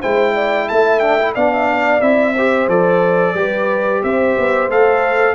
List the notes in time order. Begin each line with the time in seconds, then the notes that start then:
0.00 G#3 E4 C5 G5
0.35 D5
0.68 A3 E5 A5
0.99 D4 G5
1.19 E4
1.35 B3 D4 D5 F5
1.53 E5
1.72 D5
2.00 C4 E4 E5
2.34 G4 C5
2.68 F3 A4 D5
3.34 G3 G4 B4
4.02 C4 C5 E5
4.38 B3
4.69 A3 A4 F5